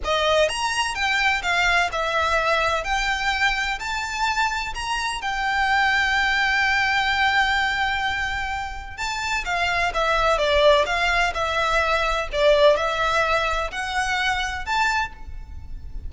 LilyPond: \new Staff \with { instrumentName = "violin" } { \time 4/4 \tempo 4 = 127 dis''4 ais''4 g''4 f''4 | e''2 g''2 | a''2 ais''4 g''4~ | g''1~ |
g''2. a''4 | f''4 e''4 d''4 f''4 | e''2 d''4 e''4~ | e''4 fis''2 a''4 | }